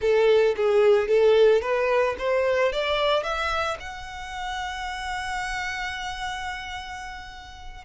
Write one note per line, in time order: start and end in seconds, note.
0.01 0.55 A4
0.56 1.08 G#4
1.08 1.61 A4
1.61 2.15 B4
2.18 2.72 C5
2.72 3.23 D5
3.23 3.77 E5
3.80 7.84 F#5